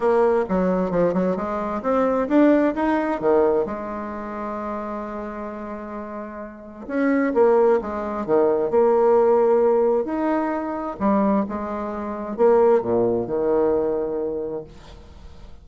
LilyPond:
\new Staff \with { instrumentName = "bassoon" } { \time 4/4 \tempo 4 = 131 ais4 fis4 f8 fis8 gis4 | c'4 d'4 dis'4 dis4 | gis1~ | gis2. cis'4 |
ais4 gis4 dis4 ais4~ | ais2 dis'2 | g4 gis2 ais4 | ais,4 dis2. | }